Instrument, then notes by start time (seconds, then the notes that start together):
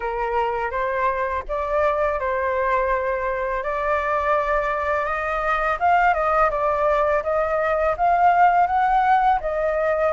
flute
0.00 A#4
0.70 C5
1.48 D5
2.19 C5
3.63 D5
5.05 D#5
5.79 F5
6.13 D#5
6.50 D5
7.23 D#5
7.97 F5
8.66 F#5
9.40 D#5